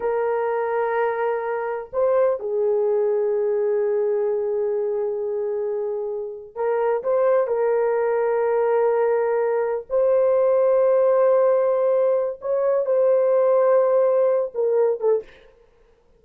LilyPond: \new Staff \with { instrumentName = "horn" } { \time 4/4 \tempo 4 = 126 ais'1 | c''4 gis'2.~ | gis'1~ | gis'4.~ gis'16 ais'4 c''4 ais'16~ |
ais'1~ | ais'8. c''2.~ c''16~ | c''2 cis''4 c''4~ | c''2~ c''8 ais'4 a'8 | }